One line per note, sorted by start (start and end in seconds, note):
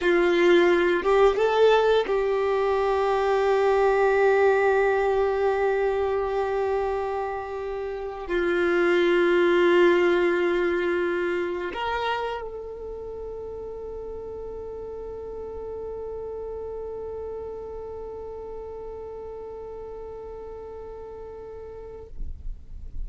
0.01 1.03 F4
1.03 1.36 G4
1.36 2.05 A4
2.06 8.27 G4
8.27 11.72 F4
11.73 12.41 A#4
12.41 22.07 A4